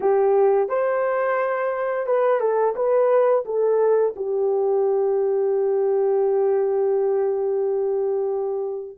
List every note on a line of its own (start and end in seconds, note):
0.00 0.68 G4
0.69 2.06 C5
2.06 2.40 B4
2.40 2.74 A4
2.75 3.44 B4
3.45 4.14 A4
4.16 8.97 G4